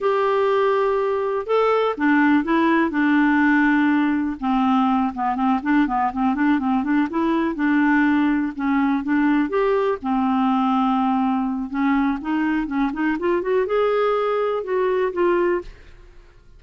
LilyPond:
\new Staff \with { instrumentName = "clarinet" } { \time 4/4 \tempo 4 = 123 g'2. a'4 | d'4 e'4 d'2~ | d'4 c'4. b8 c'8 d'8 | b8 c'8 d'8 c'8 d'8 e'4 d'8~ |
d'4. cis'4 d'4 g'8~ | g'8 c'2.~ c'8 | cis'4 dis'4 cis'8 dis'8 f'8 fis'8 | gis'2 fis'4 f'4 | }